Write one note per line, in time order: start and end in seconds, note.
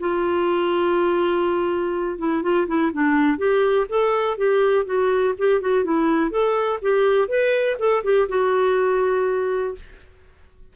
0.00 2.19 F4
2.19 2.43 E4
2.43 2.67 F4
2.67 2.92 E4
2.93 3.38 D4
3.38 3.87 G4
3.89 4.37 A4
4.37 4.86 G4
4.86 5.34 F#4
5.38 5.61 G4
5.61 5.84 F#4
5.84 6.31 E4
6.31 6.80 A4
6.82 7.28 G4
7.28 7.77 B4
7.79 8.04 A4
8.04 8.28 G4
8.29 9.75 F#4